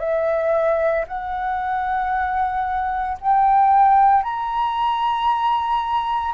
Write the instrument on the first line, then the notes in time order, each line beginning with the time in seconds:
flute
0.00 E5
1.08 F#5
3.21 G5
4.24 A#5